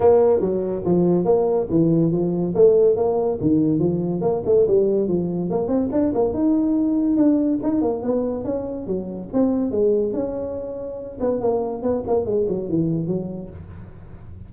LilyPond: \new Staff \with { instrumentName = "tuba" } { \time 4/4 \tempo 4 = 142 ais4 fis4 f4 ais4 | e4 f4 a4 ais4 | dis4 f4 ais8 a8 g4 | f4 ais8 c'8 d'8 ais8 dis'4~ |
dis'4 d'4 dis'8 ais8 b4 | cis'4 fis4 c'4 gis4 | cis'2~ cis'8 b8 ais4 | b8 ais8 gis8 fis8 e4 fis4 | }